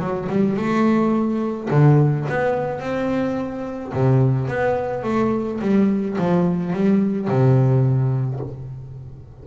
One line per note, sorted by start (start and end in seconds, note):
0.00 0.28 F#3
0.29 0.57 G3
0.57 1.69 A3
1.71 2.27 D3
2.29 2.80 B3
2.80 3.93 C4
3.93 4.48 C3
4.48 5.04 B3
5.04 5.60 A3
5.61 6.17 G3
6.19 6.73 F3
6.73 7.28 G3
7.28 8.40 C3